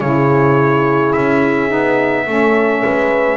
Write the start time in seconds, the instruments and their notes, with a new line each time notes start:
0.00 double bass C#3, saxophone E4, horn G#4, trumpet C#5
1.12 double bass C#4, trumpet E5
1.67 double bass B3, saxophone D#4
2.25 double bass A3, saxophone C#4, horn A4
2.84 double bass G#3, horn B4